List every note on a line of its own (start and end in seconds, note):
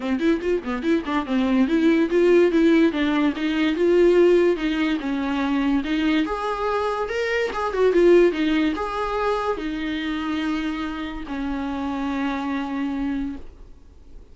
0.00 0.19 C4
0.19 0.40 E4
0.41 0.61 F4
0.64 0.82 B3
0.82 1.03 E4
1.05 1.26 D4
1.26 1.67 C4
1.67 2.09 E4
2.10 2.51 F4
2.51 2.92 E4
2.92 3.33 D4
3.36 3.75 D#4
3.75 4.56 F4
4.56 4.98 D#4
5.00 5.83 C#4
5.84 6.25 D#4
6.25 7.08 G#4
7.09 7.50 A#4
7.53 7.73 G#4
7.73 7.92 F#4
7.92 8.31 F4
8.31 8.73 D#4
8.75 9.57 G#4
9.57 11.24 D#4
11.27 13.35 C#4